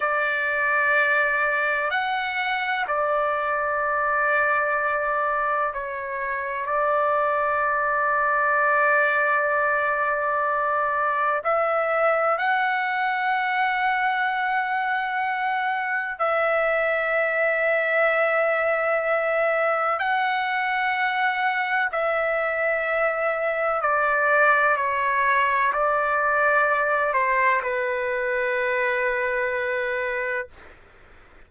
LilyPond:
\new Staff \with { instrumentName = "trumpet" } { \time 4/4 \tempo 4 = 63 d''2 fis''4 d''4~ | d''2 cis''4 d''4~ | d''1 | e''4 fis''2.~ |
fis''4 e''2.~ | e''4 fis''2 e''4~ | e''4 d''4 cis''4 d''4~ | d''8 c''8 b'2. | }